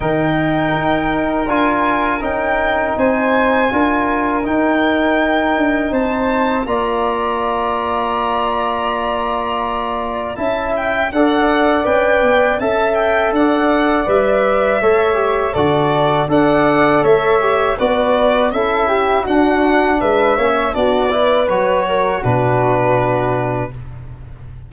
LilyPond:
<<
  \new Staff \with { instrumentName = "violin" } { \time 4/4 \tempo 4 = 81 g''2 gis''4 g''4 | gis''2 g''2 | a''4 ais''2.~ | ais''2 a''8 g''8 fis''4 |
g''4 a''8 g''8 fis''4 e''4~ | e''4 d''4 fis''4 e''4 | d''4 e''4 fis''4 e''4 | d''4 cis''4 b'2 | }
  \new Staff \with { instrumentName = "flute" } { \time 4/4 ais'1 | c''4 ais'2. | c''4 d''2.~ | d''2 e''4 d''4~ |
d''4 e''4 d''2 | cis''4 a'4 d''4 cis''4 | b'4 a'8 g'8 fis'4 b'8 cis''8 | fis'8 b'4 ais'8 fis'2 | }
  \new Staff \with { instrumentName = "trombone" } { \time 4/4 dis'2 f'4 dis'4~ | dis'4 f'4 dis'2~ | dis'4 f'2.~ | f'2 e'4 a'4 |
b'4 a'2 b'4 | a'8 g'8 fis'4 a'4. g'8 | fis'4 e'4 d'4. cis'8 | d'8 e'8 fis'4 d'2 | }
  \new Staff \with { instrumentName = "tuba" } { \time 4/4 dis4 dis'4 d'4 cis'4 | c'4 d'4 dis'4. d'8 | c'4 ais2.~ | ais2 cis'4 d'4 |
cis'8 b8 cis'4 d'4 g4 | a4 d4 d'4 a4 | b4 cis'4 d'4 gis8 ais8 | b4 fis4 b,2 | }
>>